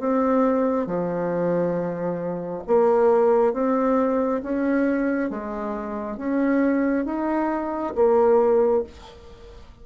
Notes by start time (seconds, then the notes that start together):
0.00 C4
0.87 F3
2.68 A#3
3.54 C4
4.43 C#4
5.30 G#3
6.18 C#4
7.05 D#4
7.96 A#3